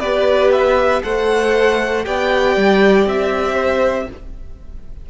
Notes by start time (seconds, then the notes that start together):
0.00 B3 G4 B4 D5
0.52 E5
1.03 A3 A4 C5 F#5
2.04 B3 G4 D5 G5
2.57 G3
3.07 C4 E5
3.55 C5